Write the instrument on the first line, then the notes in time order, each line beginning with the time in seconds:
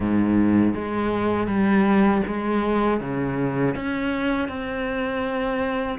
cello
0.00 G#2
0.74 G#3
1.47 G3
2.27 G#3
3.00 C#3
3.75 C#4
4.48 C4